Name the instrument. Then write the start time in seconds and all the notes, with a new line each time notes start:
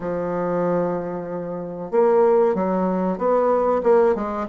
bassoon
0.00 F3
1.91 A#3
2.54 F#3
3.17 B3
3.83 A#3
4.15 G#3